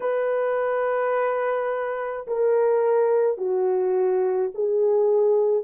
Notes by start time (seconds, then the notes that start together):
0.00 B4
2.26 A#4
3.37 F#4
4.54 G#4